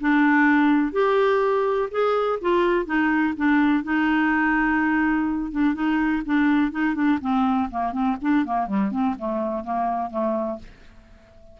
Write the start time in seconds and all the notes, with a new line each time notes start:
0.00 D4
0.92 G4
1.90 G#4
2.41 F4
2.85 D#4
3.37 D4
3.83 D#4
5.51 D4
5.74 D#4
6.26 D4
6.71 D#4
6.94 D4
7.21 C4
7.71 A#3
7.92 C4
8.21 D4
8.45 A#3
8.67 G3
8.91 C4
9.18 A3
9.64 A#3
10.10 A3